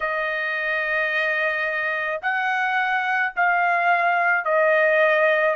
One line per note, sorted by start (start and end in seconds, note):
0.00 2.20 D#5
2.22 3.33 F#5
3.35 4.44 F5
4.44 5.55 D#5